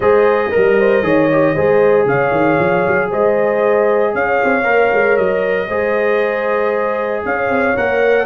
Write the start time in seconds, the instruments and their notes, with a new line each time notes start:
0.00 tuba G#3, trombone G#4, horn C5, trumpet D#5
0.51 tuba G3, trombone A#4, horn A#4
0.79 horn C5
1.02 tuba D#3, trombone G#4, horn C#5
1.31 trombone G4
1.54 tuba G#3, trombone G#4, horn C5
2.05 tuba C#3, horn C#5, trumpet F5
2.30 tuba D#3
2.59 tuba F3
2.87 tuba F#3
3.09 tuba G#3, horn C5, trumpet D#5
4.13 tuba C#4, horn C#5, trumpet F5
4.44 tuba C4
4.63 tuba A#3, trombone A#4
4.92 tuba G#3
5.16 tuba F#3, trumpet D#5
5.68 tuba G#3, trombone G#4, horn C5
7.25 tuba C#4, horn C#5, trumpet F5
7.49 tuba C4
7.76 tuba A#3, trombone A#4, trumpet F#5